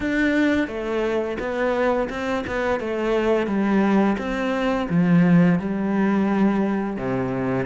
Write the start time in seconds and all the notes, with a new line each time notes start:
0.00 D4
0.67 A3
1.39 B3
2.09 C4
2.46 B3
2.80 A3
3.47 G3
4.17 C4
4.89 F3
5.59 G3
6.96 C3